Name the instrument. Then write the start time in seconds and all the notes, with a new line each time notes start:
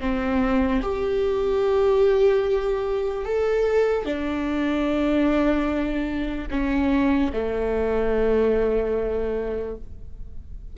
viola
0.00 C4
0.82 G4
3.25 A4
4.05 D4
6.51 C#4
7.33 A3